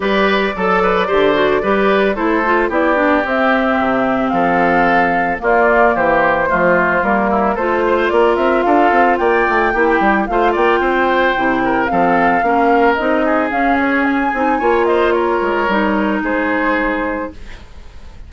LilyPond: <<
  \new Staff \with { instrumentName = "flute" } { \time 4/4 \tempo 4 = 111 d''1 | c''4 d''4 e''2 | f''2 d''4 c''4~ | c''4 ais'4 c''4 d''8 e''8 |
f''4 g''2 f''8 g''8~ | g''2 f''2 | dis''4 f''8 cis''8 gis''4. dis''8 | cis''2 c''2 | }
  \new Staff \with { instrumentName = "oboe" } { \time 4/4 b'4 a'8 b'8 c''4 b'4 | a'4 g'2. | a'2 f'4 g'4 | f'4. e'8 a'8 c''8 ais'4 |
a'4 d''4 g'4 c''8 d''8 | c''4. ais'8 a'4 ais'4~ | ais'8 gis'2~ gis'8 cis''8 c''8 | ais'2 gis'2 | }
  \new Staff \with { instrumentName = "clarinet" } { \time 4/4 g'4 a'4 g'8 fis'8 g'4 | e'8 f'8 e'8 d'8 c'2~ | c'2 ais2 | a4 ais4 f'2~ |
f'2 e'4 f'4~ | f'4 e'4 c'4 cis'4 | dis'4 cis'4. dis'8 f'4~ | f'4 dis'2. | }
  \new Staff \with { instrumentName = "bassoon" } { \time 4/4 g4 fis4 d4 g4 | a4 b4 c'4 c4 | f2 ais4 e4 | f4 g4 a4 ais8 c'8 |
d'8 c'8 ais8 a8 ais8 g8 a8 ais8 | c'4 c4 f4 ais4 | c'4 cis'4. c'8 ais4~ | ais8 gis8 g4 gis2 | }
>>